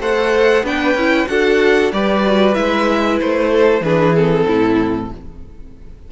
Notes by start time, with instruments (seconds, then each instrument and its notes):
0.00 cello A3, viola A4, violin C5 F#5
0.64 cello B3, viola D4, violin B4 G5
0.95 cello C#4, viola E4
1.27 cello D4, viola F#4, violin A4 F#5
1.93 cello G3, viola G4, violin B4 D5
2.26 viola F#4
2.54 cello G#3, viola E4, violin E5
3.21 cello A3, violin C5
3.50 violin A4
3.81 cello E3, viola D4, violin G#4 B4
4.15 viola C4, violin A4
4.47 cello A2, violin E4